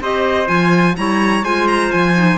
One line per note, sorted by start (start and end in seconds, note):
0.00 0.48 C4
0.00 0.46 G4
0.00 0.97 C5
0.00 0.47 D#5
0.46 0.96 F3
0.46 0.94 F4
0.46 0.95 G#5
0.96 1.43 G3
0.96 1.43 E4
0.96 1.44 C#5
0.96 1.44 A#5
1.43 1.90 G#3
1.43 2.14 F4
1.43 2.37 C5
1.43 1.67 G#5
1.67 1.91 A#5
1.91 2.37 F3
1.91 2.37 G#5
2.14 2.37 D#4